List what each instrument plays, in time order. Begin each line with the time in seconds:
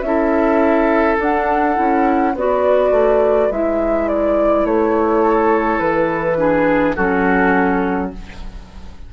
0.00 bassoon C#4, clarinet E4, flute E5
0.06 oboe A4
1.18 clarinet D4, bassoon D4, flute F#5
1.75 bassoon C#4, clarinet E4
2.33 bassoon B3, clarinet F#4, oboe B4, flute D5
2.91 bassoon A3
3.50 bassoon G#3, clarinet E4, flute E5
4.08 flute D5
4.64 bassoon A3, flute C#5
5.21 oboe A4
5.79 bassoon E3, flute B4
6.37 clarinet D4, oboe G#4
6.95 bassoon F#3, clarinet C#4, oboe F#4, flute A4